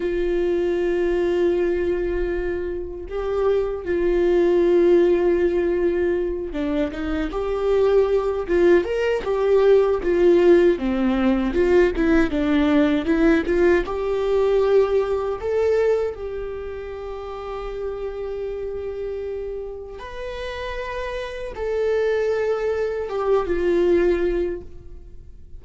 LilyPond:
\new Staff \with { instrumentName = "viola" } { \time 4/4 \tempo 4 = 78 f'1 | g'4 f'2.~ | f'8 d'8 dis'8 g'4. f'8 ais'8 | g'4 f'4 c'4 f'8 e'8 |
d'4 e'8 f'8 g'2 | a'4 g'2.~ | g'2 b'2 | a'2 g'8 f'4. | }